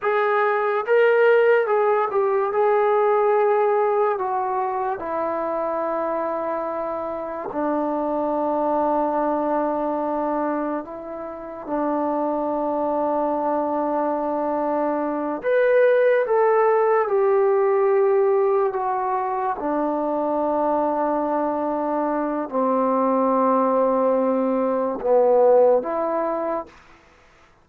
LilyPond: \new Staff \with { instrumentName = "trombone" } { \time 4/4 \tempo 4 = 72 gis'4 ais'4 gis'8 g'8 gis'4~ | gis'4 fis'4 e'2~ | e'4 d'2.~ | d'4 e'4 d'2~ |
d'2~ d'8 b'4 a'8~ | a'8 g'2 fis'4 d'8~ | d'2. c'4~ | c'2 b4 e'4 | }